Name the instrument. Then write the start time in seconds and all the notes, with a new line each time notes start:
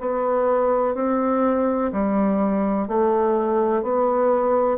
bassoon
0.00 B3
0.95 C4
1.92 G3
2.88 A3
3.83 B3